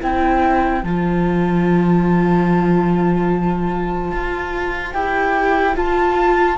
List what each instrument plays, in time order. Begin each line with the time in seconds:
0.00 cello C4, viola E4, saxophone C5, flute G5
0.83 cello F3, viola F4, flute A5
4.11 cello F4
4.92 cello E4, viola G4, flute G5
5.74 viola F4, cello F4, flute A5